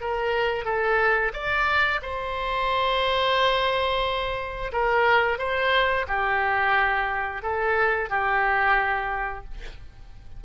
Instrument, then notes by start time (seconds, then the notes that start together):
oboe
0.00 A#4
0.64 A4
1.33 D5
2.02 C5
4.72 A#4
5.38 C5
6.07 G4
7.42 A4
8.09 G4